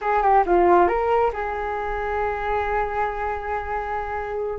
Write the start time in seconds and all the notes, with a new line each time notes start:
0.01 G#4
0.22 G4
0.45 F4
0.88 A#4
1.33 G#4